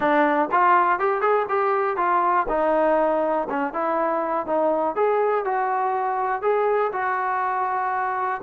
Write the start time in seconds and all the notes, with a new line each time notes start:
0.00 D4
0.51 F4
0.99 G4
1.21 G#4
1.48 G4
1.96 F4
2.49 D#4
3.49 C#4
3.73 E4
4.46 D#4
4.95 G#4
5.44 F#4
6.42 G#4
6.92 F#4